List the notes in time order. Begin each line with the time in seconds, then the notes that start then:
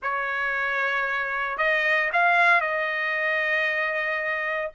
0.02 C#5
1.57 D#5
2.12 F5
2.60 D#5